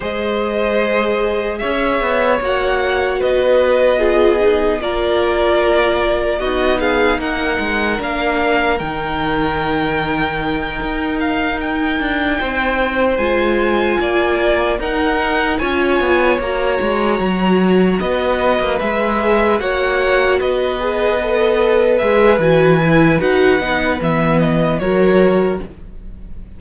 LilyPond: <<
  \new Staff \with { instrumentName = "violin" } { \time 4/4 \tempo 4 = 75 dis''2 e''4 fis''4 | dis''2 d''2 | dis''8 f''8 fis''4 f''4 g''4~ | g''2 f''8 g''4.~ |
g''8 gis''2 fis''4 gis''8~ | gis''8 ais''2 dis''4 e''8~ | e''8 fis''4 dis''2 e''8 | gis''4 fis''4 e''8 dis''8 cis''4 | }
  \new Staff \with { instrumentName = "violin" } { \time 4/4 c''2 cis''2 | b'4 gis'4 ais'2 | fis'8 gis'8 ais'2.~ | ais'2.~ ais'8 c''8~ |
c''4. d''4 ais'4 cis''8~ | cis''2~ cis''8 b'4.~ | b'8 cis''4 b'2~ b'8~ | b'2. ais'4 | }
  \new Staff \with { instrumentName = "viola" } { \time 4/4 gis'2. fis'4~ | fis'4 f'8 dis'8 f'2 | dis'2 d'4 dis'4~ | dis'1~ |
dis'8 f'2 dis'4 f'8~ | f'8 fis'2. gis'8~ | gis'8 fis'4. gis'8 a'4 gis'8 | fis'8 e'8 fis'8 dis'8 b4 fis'4 | }
  \new Staff \with { instrumentName = "cello" } { \time 4/4 gis2 cis'8 b8 ais4 | b2 ais2 | b4 ais8 gis8 ais4 dis4~ | dis4. dis'4. d'8 c'8~ |
c'8 gis4 ais4 dis'4 cis'8 | b8 ais8 gis8 fis4 b8. ais16 gis8~ | gis8 ais4 b2 gis8 | e4 dis'8 b8 e4 fis4 | }
>>